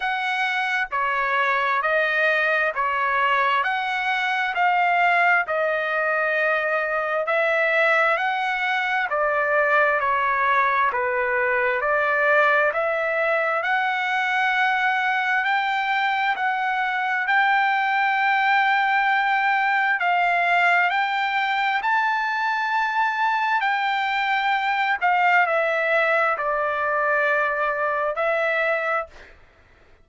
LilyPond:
\new Staff \with { instrumentName = "trumpet" } { \time 4/4 \tempo 4 = 66 fis''4 cis''4 dis''4 cis''4 | fis''4 f''4 dis''2 | e''4 fis''4 d''4 cis''4 | b'4 d''4 e''4 fis''4~ |
fis''4 g''4 fis''4 g''4~ | g''2 f''4 g''4 | a''2 g''4. f''8 | e''4 d''2 e''4 | }